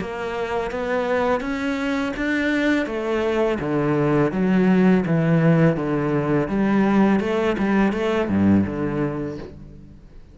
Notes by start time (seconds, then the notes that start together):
0.00 A#3
0.71 B3
1.40 C#4
2.17 D4
2.86 A3
3.59 D3
4.31 F#3
5.06 E3
5.76 D3
6.48 G3
7.20 A3
7.58 G3
7.92 A3
8.28 G2
8.66 D3